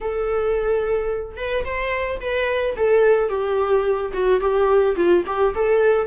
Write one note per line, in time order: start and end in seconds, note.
0.01 1.36 A4
1.36 1.64 B4
1.65 2.20 C5
2.20 2.75 B4
2.76 3.29 A4
3.29 4.11 G4
4.13 4.40 F#4
4.40 4.95 G4
4.95 5.23 F4
5.26 5.54 G4
5.54 6.07 A4